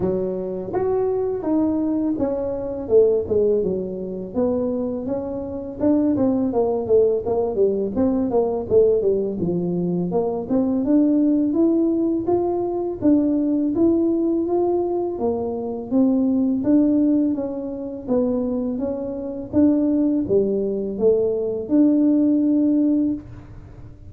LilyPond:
\new Staff \with { instrumentName = "tuba" } { \time 4/4 \tempo 4 = 83 fis4 fis'4 dis'4 cis'4 | a8 gis8 fis4 b4 cis'4 | d'8 c'8 ais8 a8 ais8 g8 c'8 ais8 | a8 g8 f4 ais8 c'8 d'4 |
e'4 f'4 d'4 e'4 | f'4 ais4 c'4 d'4 | cis'4 b4 cis'4 d'4 | g4 a4 d'2 | }